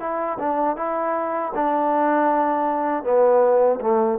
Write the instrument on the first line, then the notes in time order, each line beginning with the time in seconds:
trombone
0.00 E4
0.39 D4
0.77 E4
1.55 D4
3.03 B3
3.81 A3